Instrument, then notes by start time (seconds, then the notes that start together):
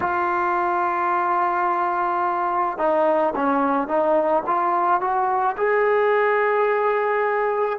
trombone
0.00 F4
2.78 D#4
3.35 C#4
3.87 D#4
4.46 F4
5.00 F#4
5.57 G#4